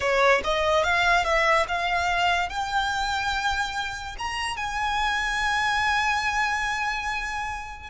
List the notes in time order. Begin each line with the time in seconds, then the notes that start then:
0.00 C#5
0.43 D#5
0.83 F5
1.24 E5
1.67 F5
2.49 G5
4.18 A#5
4.56 G#5